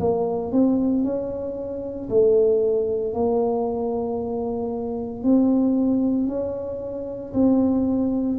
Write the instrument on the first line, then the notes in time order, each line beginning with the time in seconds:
tuba
0.00 A#3
0.52 C4
1.03 C#4
2.10 A3
3.14 A#3
5.23 C4
6.28 C#4
7.33 C4